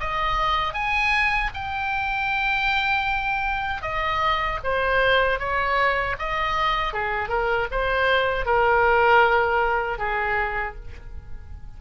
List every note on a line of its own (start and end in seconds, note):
0.00 0.73 D#5
0.73 1.50 G#5
1.54 3.82 G5
3.82 4.59 D#5
4.64 5.39 C5
5.39 6.16 C#5
6.19 6.93 D#5
6.93 7.29 G#4
7.29 7.67 A#4
7.71 8.45 C5
8.45 9.99 A#4
9.99 10.76 G#4